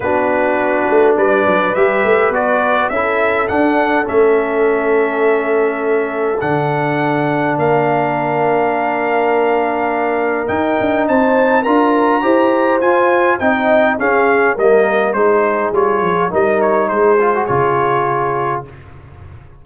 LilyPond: <<
  \new Staff \with { instrumentName = "trumpet" } { \time 4/4 \tempo 4 = 103 b'2 d''4 e''4 | d''4 e''4 fis''4 e''4~ | e''2. fis''4~ | fis''4 f''2.~ |
f''2 g''4 a''4 | ais''2 gis''4 g''4 | f''4 dis''4 c''4 cis''4 | dis''8 cis''8 c''4 cis''2 | }
  \new Staff \with { instrumentName = "horn" } { \time 4/4 fis'2 b'2~ | b'4 a'2.~ | a'1~ | a'4 ais'2.~ |
ais'2. c''4 | ais'4 c''2 dis''4 | gis'4 ais'4 gis'2 | ais'4 gis'2. | }
  \new Staff \with { instrumentName = "trombone" } { \time 4/4 d'2. g'4 | fis'4 e'4 d'4 cis'4~ | cis'2. d'4~ | d'1~ |
d'2 dis'2 | f'4 g'4 f'4 dis'4 | cis'4 ais4 dis'4 f'4 | dis'4. f'16 fis'16 f'2 | }
  \new Staff \with { instrumentName = "tuba" } { \time 4/4 b4. a8 g8 fis8 g8 a8 | b4 cis'4 d'4 a4~ | a2. d4~ | d4 ais2.~ |
ais2 dis'8 d'8 c'4 | d'4 e'4 f'4 c'4 | cis'4 g4 gis4 g8 f8 | g4 gis4 cis2 | }
>>